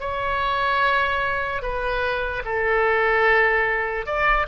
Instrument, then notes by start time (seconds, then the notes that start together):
oboe
0.00 C#5
1.62 B4
2.45 A4
4.06 D5